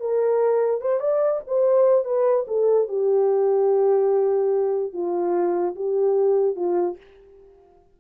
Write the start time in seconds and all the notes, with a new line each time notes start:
0.00 A#4
0.81 C5
1.00 D5
1.47 C5
2.04 B4
2.47 A4
2.88 G4
4.93 F4
5.75 G4
6.56 F4